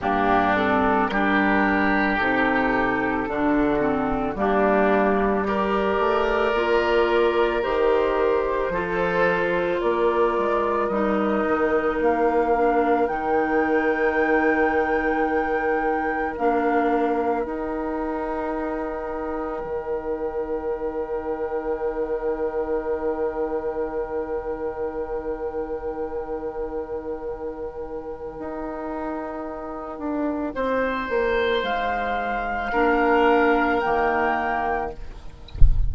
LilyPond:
<<
  \new Staff \with { instrumentName = "flute" } { \time 4/4 \tempo 4 = 55 g'8 a'8 ais'4 a'2 | g'4 d''2 c''4~ | c''4 d''4 dis''4 f''4 | g''2. f''4 |
g''1~ | g''1~ | g''1~ | g''4 f''2 g''4 | }
  \new Staff \with { instrumentName = "oboe" } { \time 4/4 d'4 g'2 fis'4 | d'4 ais'2. | a'4 ais'2.~ | ais'1~ |
ais'1~ | ais'1~ | ais'1 | c''2 ais'2 | }
  \new Staff \with { instrumentName = "clarinet" } { \time 4/4 ais8 c'8 d'4 dis'4 d'8 c'8 | ais4 g'4 f'4 g'4 | f'2 dis'4. d'8 | dis'2. d'4 |
dis'1~ | dis'1~ | dis'1~ | dis'2 d'4 ais4 | }
  \new Staff \with { instrumentName = "bassoon" } { \time 4/4 g,4 g4 c4 d4 | g4. a8 ais4 dis4 | f4 ais8 gis8 g8 dis8 ais4 | dis2. ais4 |
dis'2 dis2~ | dis1~ | dis2 dis'4. d'8 | c'8 ais8 gis4 ais4 dis4 | }
>>